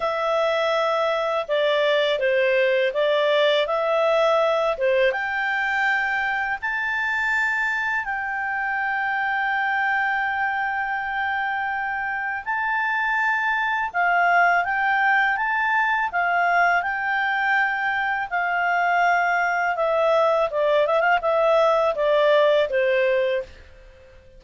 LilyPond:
\new Staff \with { instrumentName = "clarinet" } { \time 4/4 \tempo 4 = 82 e''2 d''4 c''4 | d''4 e''4. c''8 g''4~ | g''4 a''2 g''4~ | g''1~ |
g''4 a''2 f''4 | g''4 a''4 f''4 g''4~ | g''4 f''2 e''4 | d''8 e''16 f''16 e''4 d''4 c''4 | }